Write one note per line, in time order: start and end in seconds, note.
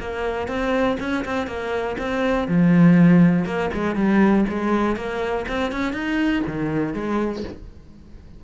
0.00 0.47 A#3
0.47 0.97 C4
0.99 1.24 C#4
1.24 1.47 C4
1.47 1.96 A#3
1.98 2.47 C4
2.48 3.45 F3
3.45 3.70 A#3
3.73 3.95 G#3
3.95 4.44 G3
4.49 4.96 G#3
4.96 5.45 A#3
5.48 5.72 C4
5.72 5.93 C#4
5.93 6.42 D#4
6.47 6.94 D#3
6.94 7.43 G#3